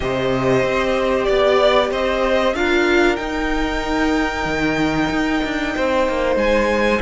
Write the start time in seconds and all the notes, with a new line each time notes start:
0.00 C3 G4 C5 D#5
0.62 C4
1.24 B3 D5
1.90 C4 C5 D#5
2.54 D4 F4 A#4 F5
3.16 D#4 G5
4.45 D#3
5.10 D#4
5.44 D4
5.74 C4 C5
6.08 A#3
6.35 G#3 G#5